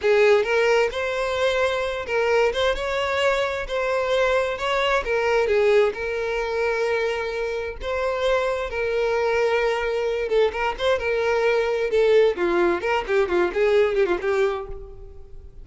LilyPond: \new Staff \with { instrumentName = "violin" } { \time 4/4 \tempo 4 = 131 gis'4 ais'4 c''2~ | c''8 ais'4 c''8 cis''2 | c''2 cis''4 ais'4 | gis'4 ais'2.~ |
ais'4 c''2 ais'4~ | ais'2~ ais'8 a'8 ais'8 c''8 | ais'2 a'4 f'4 | ais'8 g'8 f'8 gis'4 g'16 f'16 g'4 | }